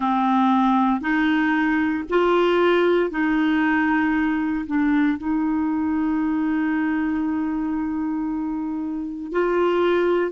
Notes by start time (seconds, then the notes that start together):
0.00 C4
1.00 D#4
2.09 F4
3.10 D#4
4.66 D4
5.18 D#4
9.32 F4